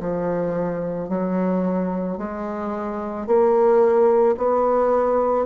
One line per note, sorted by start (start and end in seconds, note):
0.00 1.09 F3
1.09 2.18 F#3
2.18 3.27 G#3
3.27 4.36 A#3
4.37 5.45 B3